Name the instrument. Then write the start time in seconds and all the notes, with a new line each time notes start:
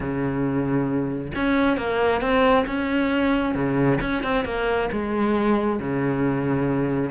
cello
0.00 C#3
1.35 C#4
1.77 A#3
2.21 C4
2.66 C#4
3.55 C#3
4.01 C#4
4.23 C4
4.44 A#3
4.92 G#3
5.79 C#3